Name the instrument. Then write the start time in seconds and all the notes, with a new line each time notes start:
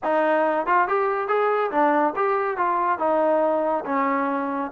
trombone
0.03 D#4
0.66 F4
0.88 G4
1.28 G#4
1.71 D4
2.16 G4
2.57 F4
2.98 D#4
3.85 C#4